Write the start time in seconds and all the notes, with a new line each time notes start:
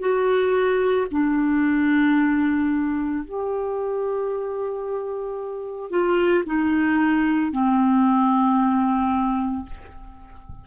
0.00 F#4
1.12 D4
3.25 G4
5.90 F4
6.46 D#4
7.52 C4